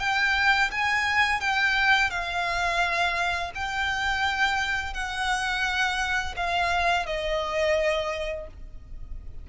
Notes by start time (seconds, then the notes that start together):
0.00 G5
0.71 G#5
1.41 G5
2.10 F5
3.55 G5
4.94 F#5
6.37 F5
7.06 D#5